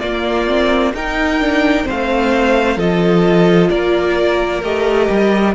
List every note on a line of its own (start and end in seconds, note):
0.00 0.47 A#3
0.00 0.93 A#3
0.00 0.93 F4
0.00 0.92 D5
0.47 0.93 C4
0.93 1.86 D#4
0.93 1.40 D#4
0.93 1.86 A#4
0.93 1.88 G5
1.40 1.83 D4
1.83 2.76 C4
1.83 2.77 C5
1.90 2.76 A3
1.90 2.79 F5
2.76 3.68 F3
2.76 4.62 F4
2.76 3.69 A4
2.76 3.70 D#5
3.70 4.62 A#3
3.70 5.55 A#4
3.70 4.62 D5
4.62 5.08 A3
4.62 5.55 G4
4.62 5.55 D#5
5.10 5.55 G3